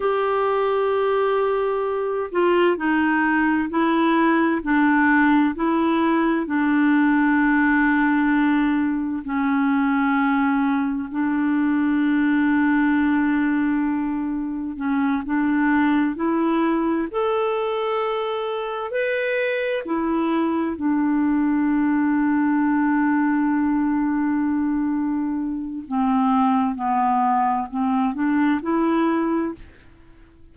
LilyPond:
\new Staff \with { instrumentName = "clarinet" } { \time 4/4 \tempo 4 = 65 g'2~ g'8 f'8 dis'4 | e'4 d'4 e'4 d'4~ | d'2 cis'2 | d'1 |
cis'8 d'4 e'4 a'4.~ | a'8 b'4 e'4 d'4.~ | d'1 | c'4 b4 c'8 d'8 e'4 | }